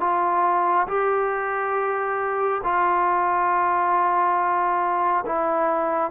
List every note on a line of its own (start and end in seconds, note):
0.00 0.87 F4
0.87 2.61 G4
2.64 5.25 F4
5.26 6.11 E4